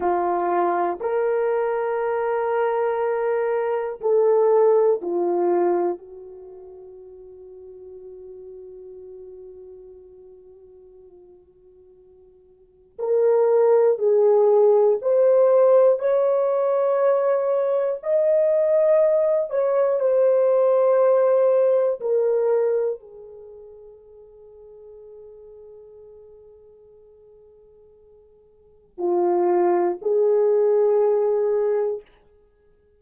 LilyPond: \new Staff \with { instrumentName = "horn" } { \time 4/4 \tempo 4 = 60 f'4 ais'2. | a'4 f'4 fis'2~ | fis'1~ | fis'4 ais'4 gis'4 c''4 |
cis''2 dis''4. cis''8 | c''2 ais'4 gis'4~ | gis'1~ | gis'4 f'4 gis'2 | }